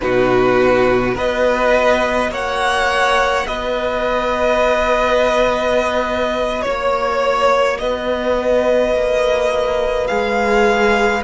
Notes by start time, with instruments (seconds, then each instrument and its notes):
0.01 cello B2, viola D#4, violin F#4 B4
1.14 cello B3, viola F#4, violin B4 D#5
2.29 cello A#3, violin C#5 F#5
3.46 cello B3, violin B4 D#5
6.62 cello A#3, violin C#5
7.78 cello B3, violin B4 D#5
8.94 cello A#3
10.07 cello G#3, viola G#4, violin F5